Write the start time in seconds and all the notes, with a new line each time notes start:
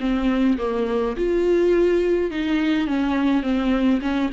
0.00 C4
0.58 A#3
1.16 F4
2.31 D#4
2.87 C#4
3.42 C4
4.01 C#4